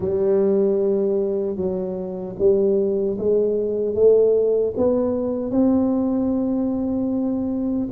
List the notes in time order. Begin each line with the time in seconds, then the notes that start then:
0.00 G3
1.56 F#3
2.38 G3
3.18 G#3
3.94 A3
4.77 B3
5.50 C4